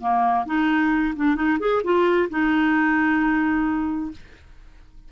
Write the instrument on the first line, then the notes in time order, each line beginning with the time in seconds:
clarinet
0.00 A#3
0.46 D#4
1.16 D4
1.36 D#4
1.60 G#4
1.84 F4
2.30 D#4